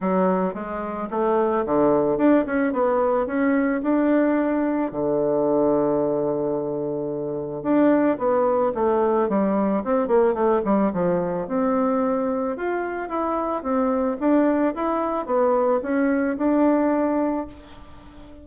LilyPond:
\new Staff \with { instrumentName = "bassoon" } { \time 4/4 \tempo 4 = 110 fis4 gis4 a4 d4 | d'8 cis'8 b4 cis'4 d'4~ | d'4 d2.~ | d2 d'4 b4 |
a4 g4 c'8 ais8 a8 g8 | f4 c'2 f'4 | e'4 c'4 d'4 e'4 | b4 cis'4 d'2 | }